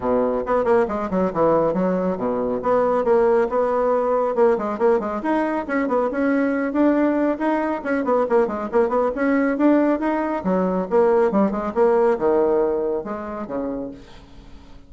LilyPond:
\new Staff \with { instrumentName = "bassoon" } { \time 4/4 \tempo 4 = 138 b,4 b8 ais8 gis8 fis8 e4 | fis4 b,4 b4 ais4 | b2 ais8 gis8 ais8 gis8 | dis'4 cis'8 b8 cis'4. d'8~ |
d'4 dis'4 cis'8 b8 ais8 gis8 | ais8 b8 cis'4 d'4 dis'4 | fis4 ais4 g8 gis8 ais4 | dis2 gis4 cis4 | }